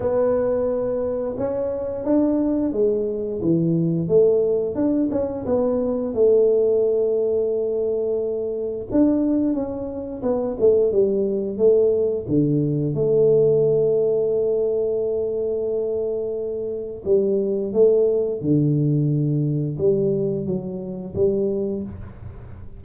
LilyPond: \new Staff \with { instrumentName = "tuba" } { \time 4/4 \tempo 4 = 88 b2 cis'4 d'4 | gis4 e4 a4 d'8 cis'8 | b4 a2.~ | a4 d'4 cis'4 b8 a8 |
g4 a4 d4 a4~ | a1~ | a4 g4 a4 d4~ | d4 g4 fis4 g4 | }